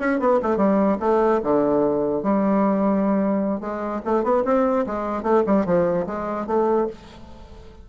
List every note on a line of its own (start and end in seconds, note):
0.00 0.20 C#4
0.20 0.41 B3
0.43 0.57 A3
0.57 0.98 G3
1.01 1.41 A3
1.44 2.23 D3
2.23 3.61 G3
3.61 4.01 G#3
4.06 4.24 A3
4.24 4.44 B3
4.45 4.86 C4
4.87 5.23 G#3
5.23 5.44 A3
5.47 5.66 G3
5.66 6.06 F3
6.07 6.47 G#3
6.47 6.88 A3